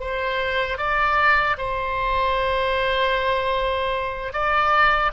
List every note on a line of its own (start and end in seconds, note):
0.00 0.78 C5
0.78 1.57 D5
1.58 4.33 C5
4.33 5.12 D5